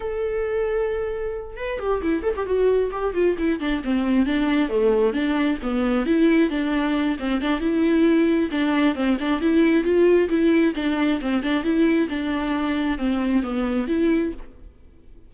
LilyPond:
\new Staff \with { instrumentName = "viola" } { \time 4/4 \tempo 4 = 134 a'2.~ a'8 b'8 | g'8 e'8 a'16 g'16 fis'4 g'8 f'8 e'8 | d'8 c'4 d'4 a4 d'8~ | d'8 b4 e'4 d'4. |
c'8 d'8 e'2 d'4 | c'8 d'8 e'4 f'4 e'4 | d'4 c'8 d'8 e'4 d'4~ | d'4 c'4 b4 e'4 | }